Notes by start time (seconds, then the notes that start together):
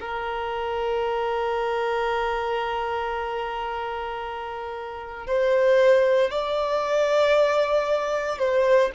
0.00 A#4
5.26 C5
6.31 D5
8.38 C5